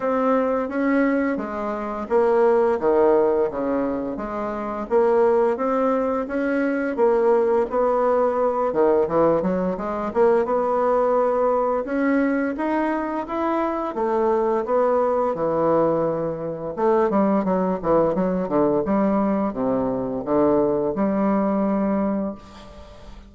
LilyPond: \new Staff \with { instrumentName = "bassoon" } { \time 4/4 \tempo 4 = 86 c'4 cis'4 gis4 ais4 | dis4 cis4 gis4 ais4 | c'4 cis'4 ais4 b4~ | b8 dis8 e8 fis8 gis8 ais8 b4~ |
b4 cis'4 dis'4 e'4 | a4 b4 e2 | a8 g8 fis8 e8 fis8 d8 g4 | c4 d4 g2 | }